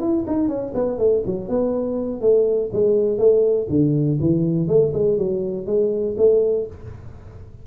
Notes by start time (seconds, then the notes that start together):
0.00 E4
0.27 D#4
0.48 C#4
0.74 B3
0.98 A3
1.25 F#3
1.48 B3
2.21 A3
2.72 G#3
3.18 A3
3.69 D3
4.20 E3
4.68 A3
4.93 G#3
5.18 F#3
5.66 G#3
6.17 A3